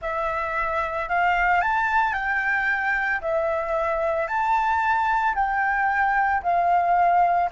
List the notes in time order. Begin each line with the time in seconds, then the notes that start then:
0.01 E5
1.08 F5
1.61 A5
2.13 G5
3.21 E5
4.27 A5
5.35 G5
6.42 F5